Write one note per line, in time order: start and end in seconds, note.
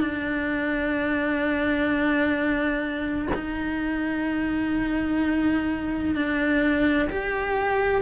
0.00 3.28 D4
3.34 6.14 D#4
6.14 7.08 D4
7.10 8.02 G4